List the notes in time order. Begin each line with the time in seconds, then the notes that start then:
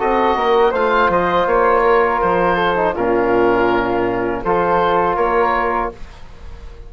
0.00 C4 F#4 A4 D#5
0.36 A#3 A#4
0.71 A3 F4 C5 F5
1.09 F3 D#5
1.46 A#3 C#5
1.84 A#4
2.22 F3 C5
2.56 A4
2.76 D#4
2.94 A#2 C#4 F4 A#4
4.44 F3 F4 A4 C5
5.16 A#3 A#4 C#5